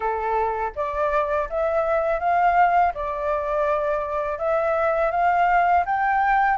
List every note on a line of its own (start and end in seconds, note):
0.00 0.72 A4
0.75 1.48 D5
1.49 2.19 E5
2.19 2.92 F5
2.94 4.38 D5
4.38 5.11 E5
5.11 5.84 F5
5.85 6.57 G5